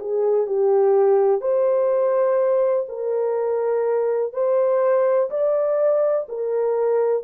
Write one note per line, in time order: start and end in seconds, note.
0.00 0.47 G#4
0.47 1.41 G4
1.41 2.86 C5
2.89 4.33 A#4
4.33 5.30 C5
5.30 6.27 D5
6.29 7.24 A#4